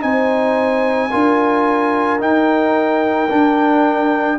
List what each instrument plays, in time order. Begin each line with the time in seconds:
0.00 tuba C4, trombone D#4, horn C5, trumpet G#5
1.10 tuba D4, trombone F4, horn A#4
2.19 trombone D#4, tuba D#4, trumpet G5
3.29 trombone D4, tuba D4